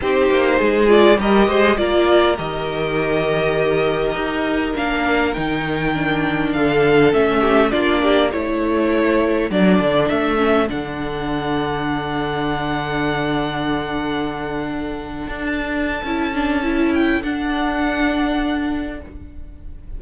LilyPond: <<
  \new Staff \with { instrumentName = "violin" } { \time 4/4 \tempo 4 = 101 c''4. d''8 dis''4 d''4 | dis''1 | f''4 g''2 f''4 | e''4 d''4 cis''2 |
d''4 e''4 fis''2~ | fis''1~ | fis''2 a''2~ | a''8 g''8 fis''2. | }
  \new Staff \with { instrumentName = "violin" } { \time 4/4 g'4 gis'4 ais'8 c''8 ais'4~ | ais'1~ | ais'2. a'4~ | a'8 g'8 f'8 g'8 a'2~ |
a'1~ | a'1~ | a'1~ | a'1 | }
  \new Staff \with { instrumentName = "viola" } { \time 4/4 dis'4. f'8 g'4 f'4 | g'1 | d'4 dis'4 d'2 | cis'4 d'4 e'2 |
d'4. cis'8 d'2~ | d'1~ | d'2. e'8 d'8 | e'4 d'2. | }
  \new Staff \with { instrumentName = "cello" } { \time 4/4 c'8 ais8 gis4 g8 gis8 ais4 | dis2. dis'4 | ais4 dis2 d4 | a4 ais4 a2 |
fis8 d8 a4 d2~ | d1~ | d4.~ d16 d'4~ d'16 cis'4~ | cis'4 d'2. | }
>>